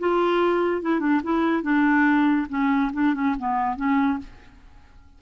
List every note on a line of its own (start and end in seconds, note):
0.00 0.82 F4
0.82 1.00 E4
1.00 1.22 D4
1.24 1.63 E4
1.63 2.48 D4
2.50 2.92 C#4
2.93 3.15 D4
3.15 3.36 C#4
3.39 3.77 B3
3.77 4.19 C#4